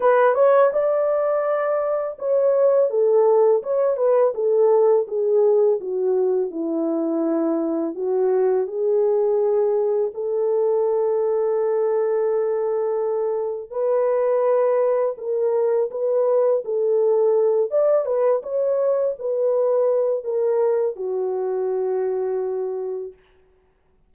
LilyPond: \new Staff \with { instrumentName = "horn" } { \time 4/4 \tempo 4 = 83 b'8 cis''8 d''2 cis''4 | a'4 cis''8 b'8 a'4 gis'4 | fis'4 e'2 fis'4 | gis'2 a'2~ |
a'2. b'4~ | b'4 ais'4 b'4 a'4~ | a'8 d''8 b'8 cis''4 b'4. | ais'4 fis'2. | }